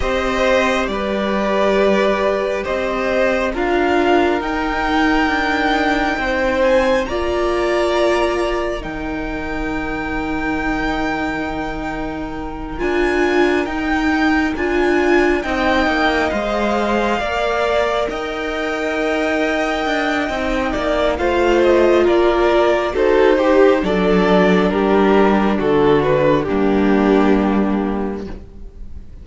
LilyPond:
<<
  \new Staff \with { instrumentName = "violin" } { \time 4/4 \tempo 4 = 68 dis''4 d''2 dis''4 | f''4 g''2~ g''8 gis''8 | ais''2 g''2~ | g''2~ g''8 gis''4 g''8~ |
g''8 gis''4 g''4 f''4.~ | f''8 g''2.~ g''8 | f''8 dis''8 d''4 c''4 d''4 | ais'4 a'8 b'8 g'2 | }
  \new Staff \with { instrumentName = "violin" } { \time 4/4 c''4 b'2 c''4 | ais'2. c''4 | d''2 ais'2~ | ais'1~ |
ais'4. dis''2 d''8~ | d''8 dis''2. d''8 | c''4 ais'4 a'8 g'8 a'4 | g'4 fis'4 d'2 | }
  \new Staff \with { instrumentName = "viola" } { \time 4/4 g'1 | f'4 dis'2. | f'2 dis'2~ | dis'2~ dis'8 f'4 dis'8~ |
dis'8 f'4 dis'4 c''4 ais'8~ | ais'2. dis'4 | f'2 fis'8 g'8 d'4~ | d'2 ais2 | }
  \new Staff \with { instrumentName = "cello" } { \time 4/4 c'4 g2 c'4 | d'4 dis'4 d'4 c'4 | ais2 dis2~ | dis2~ dis8 d'4 dis'8~ |
dis'8 d'4 c'8 ais8 gis4 ais8~ | ais8 dis'2 d'8 c'8 ais8 | a4 ais4 dis'4 fis4 | g4 d4 g2 | }
>>